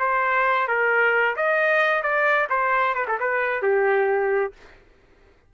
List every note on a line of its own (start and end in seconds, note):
0.00 0.68 C5
0.68 1.36 A#4
1.36 2.03 D#5
2.03 2.48 D5
2.50 2.95 C5
2.95 3.06 B4
3.08 3.19 A4
3.20 3.63 B4
3.63 4.54 G4